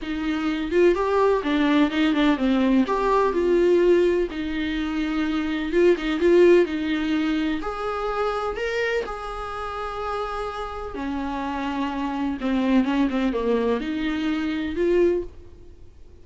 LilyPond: \new Staff \with { instrumentName = "viola" } { \time 4/4 \tempo 4 = 126 dis'4. f'8 g'4 d'4 | dis'8 d'8 c'4 g'4 f'4~ | f'4 dis'2. | f'8 dis'8 f'4 dis'2 |
gis'2 ais'4 gis'4~ | gis'2. cis'4~ | cis'2 c'4 cis'8 c'8 | ais4 dis'2 f'4 | }